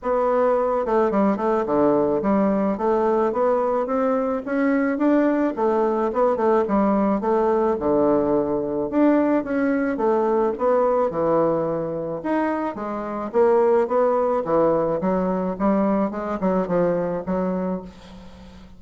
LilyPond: \new Staff \with { instrumentName = "bassoon" } { \time 4/4 \tempo 4 = 108 b4. a8 g8 a8 d4 | g4 a4 b4 c'4 | cis'4 d'4 a4 b8 a8 | g4 a4 d2 |
d'4 cis'4 a4 b4 | e2 dis'4 gis4 | ais4 b4 e4 fis4 | g4 gis8 fis8 f4 fis4 | }